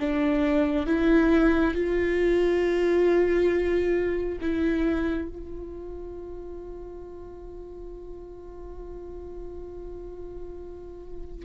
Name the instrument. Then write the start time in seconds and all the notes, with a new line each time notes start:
viola
0.00 D4
0.87 E4
1.74 F4
4.41 E4
5.29 F4